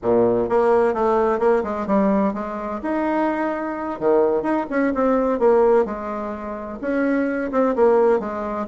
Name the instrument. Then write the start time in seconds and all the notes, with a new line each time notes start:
bassoon
0.02 A#2
0.49 A#3
0.94 A3
1.39 A#3
1.63 G#3
1.86 G3
2.33 G#3
2.82 D#4
3.99 D#3
4.42 D#4
4.70 C#4
4.94 C4
5.39 A#3
5.85 G#3
6.81 C#4
7.51 C4
7.75 A#3
8.19 G#3